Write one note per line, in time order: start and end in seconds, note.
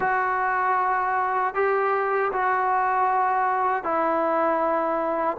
0.00 1.54 F#4
1.54 2.31 G4
2.32 3.83 F#4
3.83 5.37 E4